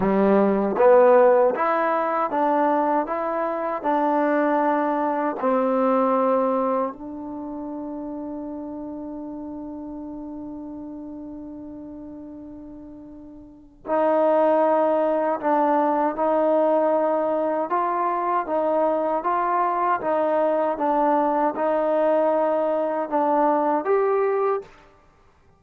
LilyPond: \new Staff \with { instrumentName = "trombone" } { \time 4/4 \tempo 4 = 78 g4 b4 e'4 d'4 | e'4 d'2 c'4~ | c'4 d'2.~ | d'1~ |
d'2 dis'2 | d'4 dis'2 f'4 | dis'4 f'4 dis'4 d'4 | dis'2 d'4 g'4 | }